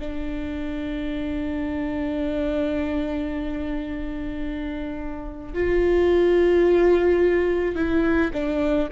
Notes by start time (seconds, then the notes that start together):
0.00 D4
5.54 F4
7.76 E4
8.33 D4